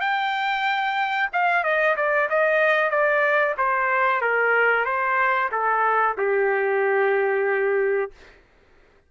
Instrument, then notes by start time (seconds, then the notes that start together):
trumpet
0.00 G5
1.33 F5
1.63 D#5
1.96 D5
2.29 D#5
2.90 D5
3.57 C5
4.21 A#4
4.85 C5
5.51 A4
6.17 G4